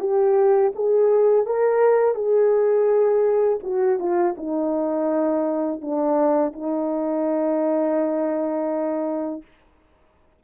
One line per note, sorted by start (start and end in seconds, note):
0.00 0.72 G4
0.76 1.46 G#4
1.46 2.15 A#4
2.15 3.59 G#4
3.63 3.99 F#4
3.99 4.35 F4
4.37 5.81 D#4
5.81 6.53 D4
6.53 9.42 D#4